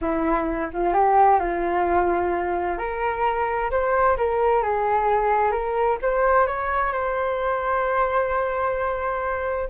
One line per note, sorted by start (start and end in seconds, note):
0.01 0.70 E4
0.73 0.93 F4
0.93 1.39 G4
1.39 2.78 F4
2.78 3.70 A#4
3.70 4.16 C5
4.17 4.62 A#4
4.62 5.51 G#4
5.51 5.97 A#4
6.02 6.46 C5
6.46 6.92 C#5
6.92 9.69 C5